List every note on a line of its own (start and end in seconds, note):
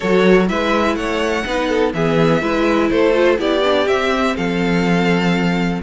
0.00 0.51 F#3
0.00 0.48 F#4
0.00 0.47 A4
0.00 0.47 C#5
0.48 0.95 G#3
0.48 1.45 E4
0.48 0.97 B4
0.48 0.95 E5
0.95 1.44 A3
0.95 1.46 C#5
0.95 1.92 F#5
1.45 1.93 B3
1.45 1.93 D#4
1.45 1.69 B4
1.69 1.93 A4
1.93 2.42 E3
1.93 2.41 B3
1.93 2.42 G#4
1.93 2.90 E5
2.41 2.90 G#3
2.41 3.13 E4
2.41 2.90 B4
2.90 3.38 A3
2.90 3.39 A4
2.90 3.38 C5
3.13 3.37 F4
3.37 3.86 B3
3.37 3.61 E4
3.37 4.35 G4
3.37 3.87 D5
3.63 3.87 D4
3.87 4.35 C4
3.87 5.82 C4
3.87 4.36 E5
4.36 5.82 F3
4.36 5.81 A4
4.36 5.81 F5